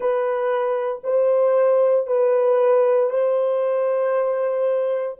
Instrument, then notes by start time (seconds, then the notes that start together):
horn
0.00 B4
1.03 C5
2.06 B4
3.10 C5